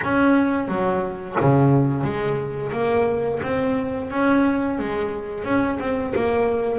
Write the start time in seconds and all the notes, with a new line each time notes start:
0.03 C#4
0.68 F#3
1.40 C#3
2.03 G#3
2.72 A#3
3.42 C4
4.10 C#4
4.79 G#3
5.44 C#4
5.79 C4
6.15 A#3